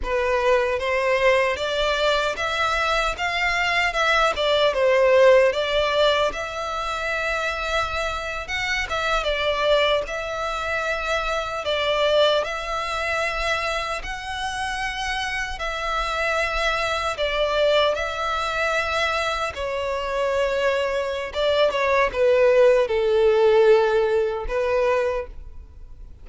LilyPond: \new Staff \with { instrumentName = "violin" } { \time 4/4 \tempo 4 = 76 b'4 c''4 d''4 e''4 | f''4 e''8 d''8 c''4 d''4 | e''2~ e''8. fis''8 e''8 d''16~ | d''8. e''2 d''4 e''16~ |
e''4.~ e''16 fis''2 e''16~ | e''4.~ e''16 d''4 e''4~ e''16~ | e''8. cis''2~ cis''16 d''8 cis''8 | b'4 a'2 b'4 | }